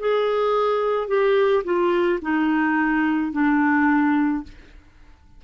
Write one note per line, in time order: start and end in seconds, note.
0.00 1.08 G#4
1.08 1.64 G4
1.65 2.20 F4
2.22 3.33 D#4
3.33 4.44 D4